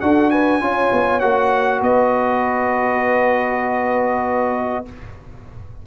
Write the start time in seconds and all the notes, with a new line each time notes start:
0.00 D4 F#4 A4 F#5
0.30 B4 G#5
0.60 C#4 F4 C#5
0.92 B3
1.19 A#3 F#4 F#5
1.81 B3 B4 D#5